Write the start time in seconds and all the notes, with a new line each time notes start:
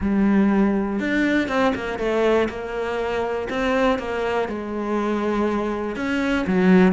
0.00 G3
0.99 D4
1.48 C4
1.75 A#3
1.98 A3
2.49 A#3
3.49 C4
3.98 A#3
4.48 G#3
5.96 C#4
6.46 F#3